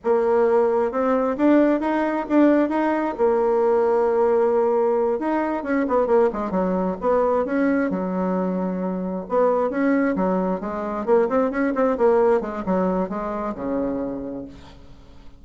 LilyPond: \new Staff \with { instrumentName = "bassoon" } { \time 4/4 \tempo 4 = 133 ais2 c'4 d'4 | dis'4 d'4 dis'4 ais4~ | ais2.~ ais8 dis'8~ | dis'8 cis'8 b8 ais8 gis8 fis4 b8~ |
b8 cis'4 fis2~ fis8~ | fis8 b4 cis'4 fis4 gis8~ | gis8 ais8 c'8 cis'8 c'8 ais4 gis8 | fis4 gis4 cis2 | }